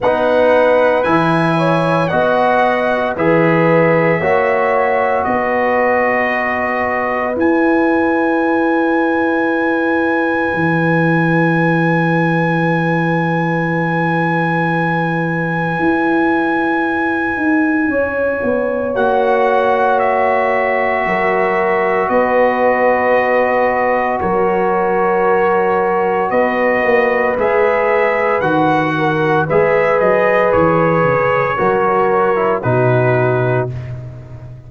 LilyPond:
<<
  \new Staff \with { instrumentName = "trumpet" } { \time 4/4 \tempo 4 = 57 fis''4 gis''4 fis''4 e''4~ | e''4 dis''2 gis''4~ | gis''1~ | gis''1~ |
gis''2 fis''4 e''4~ | e''4 dis''2 cis''4~ | cis''4 dis''4 e''4 fis''4 | e''8 dis''8 cis''2 b'4 | }
  \new Staff \with { instrumentName = "horn" } { \time 4/4 b'4. cis''8 dis''4 b'4 | cis''4 b'2.~ | b'1~ | b'1~ |
b'4 cis''2. | ais'4 b'2 ais'4~ | ais'4 b'2~ b'8 ais'8 | b'2 ais'4 fis'4 | }
  \new Staff \with { instrumentName = "trombone" } { \time 4/4 dis'4 e'4 fis'4 gis'4 | fis'2. e'4~ | e'1~ | e'1~ |
e'2 fis'2~ | fis'1~ | fis'2 gis'4 fis'4 | gis'2 fis'8. e'16 dis'4 | }
  \new Staff \with { instrumentName = "tuba" } { \time 4/4 b4 e4 b4 e4 | ais4 b2 e'4~ | e'2 e2~ | e2. e'4~ |
e'8 dis'8 cis'8 b8 ais2 | fis4 b2 fis4~ | fis4 b8 ais8 gis4 dis4 | gis8 fis8 e8 cis8 fis4 b,4 | }
>>